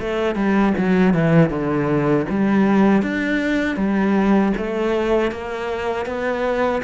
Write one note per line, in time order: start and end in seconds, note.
0.00 0.36 A3
0.36 0.74 G3
0.78 1.14 F#3
1.14 1.50 E3
1.50 2.26 D3
2.30 3.02 G3
3.02 3.77 D4
3.77 4.53 G3
4.57 5.31 A3
5.31 6.06 A#3
6.06 6.82 B3